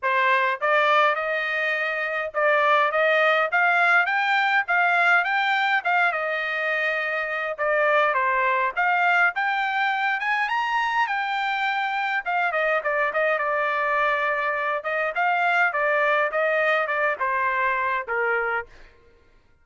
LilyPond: \new Staff \with { instrumentName = "trumpet" } { \time 4/4 \tempo 4 = 103 c''4 d''4 dis''2 | d''4 dis''4 f''4 g''4 | f''4 g''4 f''8 dis''4.~ | dis''4 d''4 c''4 f''4 |
g''4. gis''8 ais''4 g''4~ | g''4 f''8 dis''8 d''8 dis''8 d''4~ | d''4. dis''8 f''4 d''4 | dis''4 d''8 c''4. ais'4 | }